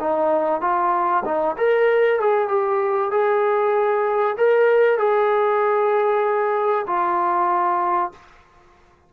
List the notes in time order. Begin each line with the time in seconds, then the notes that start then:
0.00 D#4
0.61 F4
1.25 D#4
1.57 A#4
2.20 G#4
2.48 G4
3.11 G#4
4.38 A#4
4.98 G#4
6.87 F4